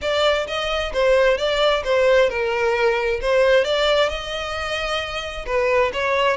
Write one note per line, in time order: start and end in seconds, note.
0.01 0.46 D5
0.47 0.92 D#5
0.93 1.37 C5
1.37 1.83 D5
1.84 2.29 C5
2.29 3.20 A#4
3.21 3.64 C5
3.64 4.09 D5
4.09 5.45 D#5
5.46 5.91 B4
5.93 6.36 C#5